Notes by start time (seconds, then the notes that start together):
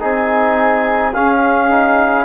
0.00 C4 D#4 G#4 G#5
1.14 C#4 F5
1.71 D#4